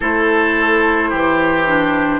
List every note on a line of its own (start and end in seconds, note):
0.00 1.12 A3
0.00 1.67 E4
0.00 1.09 A4
0.00 2.19 C5
1.09 2.19 E3
1.09 2.19 G4
1.67 2.19 D4